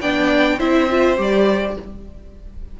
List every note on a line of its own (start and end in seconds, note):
0.00 0.59 B3
0.00 0.59 D4
0.00 0.58 D5
0.00 0.59 G5
0.58 1.17 C4
0.58 0.88 E4
0.58 1.75 C5
0.58 1.18 E5
0.90 1.17 F4
1.17 1.76 G3
1.17 1.75 G4
1.17 1.80 D5